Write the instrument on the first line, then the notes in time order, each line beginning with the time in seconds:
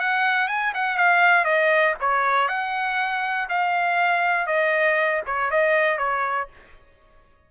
trumpet
0.00 F#5
0.48 G#5
0.75 F#5
0.97 F5
1.45 D#5
2.00 C#5
2.48 F#5
3.49 F5
4.47 D#5
5.27 C#5
5.51 D#5
5.98 C#5